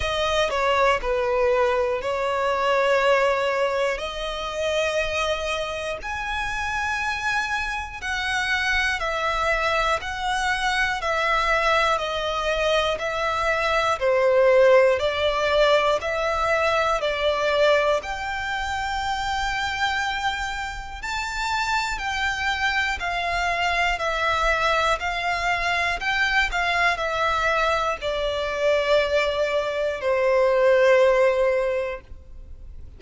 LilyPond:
\new Staff \with { instrumentName = "violin" } { \time 4/4 \tempo 4 = 60 dis''8 cis''8 b'4 cis''2 | dis''2 gis''2 | fis''4 e''4 fis''4 e''4 | dis''4 e''4 c''4 d''4 |
e''4 d''4 g''2~ | g''4 a''4 g''4 f''4 | e''4 f''4 g''8 f''8 e''4 | d''2 c''2 | }